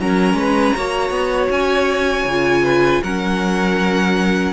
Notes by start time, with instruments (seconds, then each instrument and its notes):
0.00 cello F#3, viola C#4, violin A#4 A#5
0.34 cello G#3, violin B4
0.76 cello A#3, viola F#4, violin C#5
1.10 cello B3
1.50 cello C#4, violin G#5
2.25 cello C#3, viola F4
2.64 violin B4
3.03 cello F#3, viola C#4, violin A#4 F#5